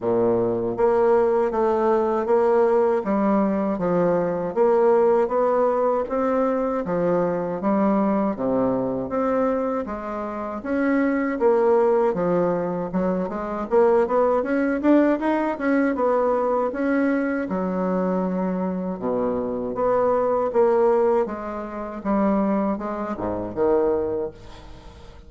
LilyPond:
\new Staff \with { instrumentName = "bassoon" } { \time 4/4 \tempo 4 = 79 ais,4 ais4 a4 ais4 | g4 f4 ais4 b4 | c'4 f4 g4 c4 | c'4 gis4 cis'4 ais4 |
f4 fis8 gis8 ais8 b8 cis'8 d'8 | dis'8 cis'8 b4 cis'4 fis4~ | fis4 b,4 b4 ais4 | gis4 g4 gis8 gis,8 dis4 | }